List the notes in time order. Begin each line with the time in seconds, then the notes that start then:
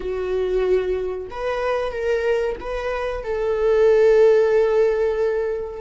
0.00 F#4
1.30 B4
1.91 A#4
2.60 B4
3.23 A4